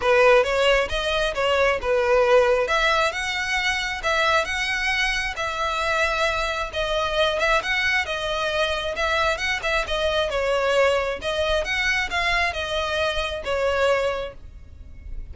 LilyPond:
\new Staff \with { instrumentName = "violin" } { \time 4/4 \tempo 4 = 134 b'4 cis''4 dis''4 cis''4 | b'2 e''4 fis''4~ | fis''4 e''4 fis''2 | e''2. dis''4~ |
dis''8 e''8 fis''4 dis''2 | e''4 fis''8 e''8 dis''4 cis''4~ | cis''4 dis''4 fis''4 f''4 | dis''2 cis''2 | }